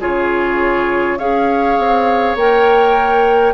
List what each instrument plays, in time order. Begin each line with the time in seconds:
0.00 bassoon C#3, clarinet F4, oboe G#4, flute C#5
1.18 bassoon C#4, clarinet G#4, oboe C#5, flute F5
1.78 bassoon C4
2.35 bassoon A#3, clarinet A#4, flute G5